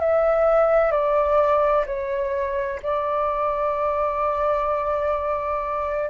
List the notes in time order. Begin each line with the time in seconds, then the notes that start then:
0.00 E5
0.92 D5
1.87 C#5
2.83 D5